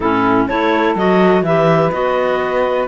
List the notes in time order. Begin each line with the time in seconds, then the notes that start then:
0.00 A2 C#4 E4 A4
0.47 A3 E4 A4 C#5
0.95 F#3 F#4 D#5
1.41 E3 G4 B4 E5
1.91 B3 F#4 D#5